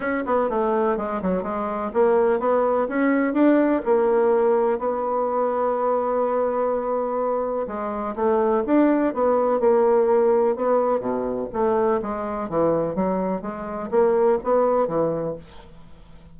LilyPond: \new Staff \with { instrumentName = "bassoon" } { \time 4/4 \tempo 4 = 125 cis'8 b8 a4 gis8 fis8 gis4 | ais4 b4 cis'4 d'4 | ais2 b2~ | b1 |
gis4 a4 d'4 b4 | ais2 b4 b,4 | a4 gis4 e4 fis4 | gis4 ais4 b4 e4 | }